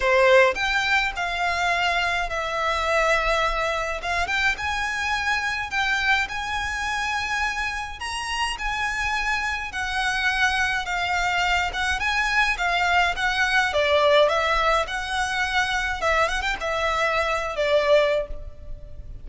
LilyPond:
\new Staff \with { instrumentName = "violin" } { \time 4/4 \tempo 4 = 105 c''4 g''4 f''2 | e''2. f''8 g''8 | gis''2 g''4 gis''4~ | gis''2 ais''4 gis''4~ |
gis''4 fis''2 f''4~ | f''8 fis''8 gis''4 f''4 fis''4 | d''4 e''4 fis''2 | e''8 fis''16 g''16 e''4.~ e''16 d''4~ d''16 | }